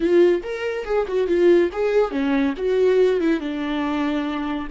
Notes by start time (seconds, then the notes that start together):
0.00 F4
0.43 A#4
0.85 G#4
1.07 F#4
1.27 F4
1.72 G#4
2.11 C#4
2.57 F#4
3.20 E4
3.40 D4